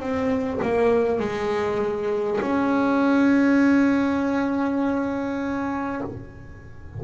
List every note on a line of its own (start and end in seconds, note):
0.00 0.60 C4
0.62 1.19 A#3
1.19 2.39 G#3
2.41 6.01 C#4